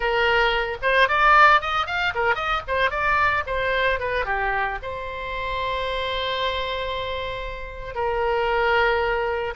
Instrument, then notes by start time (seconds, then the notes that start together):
oboe
0.00 A#4
0.82 C5
1.08 D5
1.61 D#5
1.86 F5
2.15 A#4
2.35 D#5
2.67 C5
2.90 D5
3.46 C5
3.99 B4
4.25 G4
4.82 C5
7.95 A#4